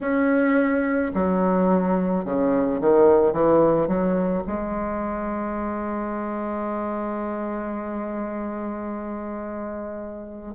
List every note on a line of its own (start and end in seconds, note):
0.01 1.12 C#4
1.14 2.24 F#3
2.24 2.80 C#3
2.80 3.32 D#3
3.32 3.87 E3
3.87 4.42 F#3
4.46 10.55 G#3